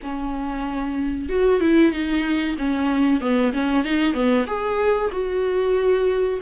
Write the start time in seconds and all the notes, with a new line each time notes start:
0.02 C#4
1.29 F#4
1.60 E4
1.92 D#4
2.58 C#4
3.20 B3
3.53 C#4
3.84 D#4
4.13 B3
4.46 G#4
5.12 F#4